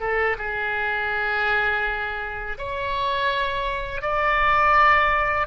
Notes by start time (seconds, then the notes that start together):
0.00 A4
0.38 G#4
2.58 C#5
4.01 D5